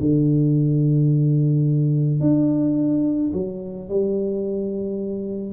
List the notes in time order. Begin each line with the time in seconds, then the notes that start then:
0.00 D3
2.20 D4
3.33 F#3
3.89 G3